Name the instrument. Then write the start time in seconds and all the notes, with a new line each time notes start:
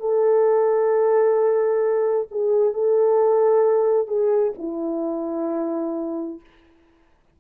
horn
0.00 A4
2.31 G#4
2.73 A4
4.07 G#4
4.58 E4